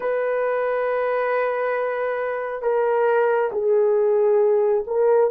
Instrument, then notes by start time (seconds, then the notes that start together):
horn
0.00 B4
2.61 A#4
3.51 G#4
4.86 A#4